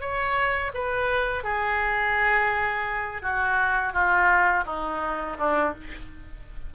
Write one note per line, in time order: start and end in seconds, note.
0.00 0.71 C#5
0.74 1.43 B4
1.43 3.22 G#4
3.22 3.93 F#4
3.93 4.64 F4
4.65 5.37 D#4
5.38 5.74 D4